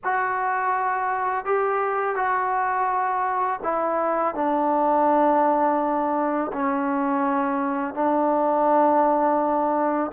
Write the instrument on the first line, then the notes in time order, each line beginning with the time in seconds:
trombone
0.04 F#4
1.45 G4
2.15 F#4
3.63 E4
4.34 D4
6.53 C#4
7.94 D4